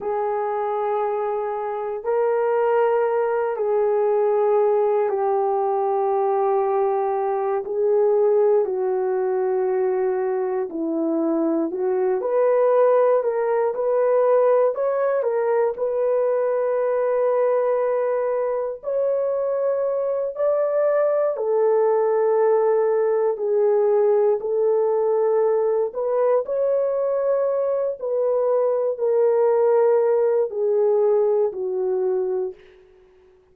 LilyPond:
\new Staff \with { instrumentName = "horn" } { \time 4/4 \tempo 4 = 59 gis'2 ais'4. gis'8~ | gis'4 g'2~ g'8 gis'8~ | gis'8 fis'2 e'4 fis'8 | b'4 ais'8 b'4 cis''8 ais'8 b'8~ |
b'2~ b'8 cis''4. | d''4 a'2 gis'4 | a'4. b'8 cis''4. b'8~ | b'8 ais'4. gis'4 fis'4 | }